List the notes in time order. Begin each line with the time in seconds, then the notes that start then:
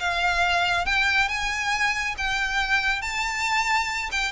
0.00 F5
0.86 G5
1.29 G#5
2.18 G5
3.02 A5
4.12 G5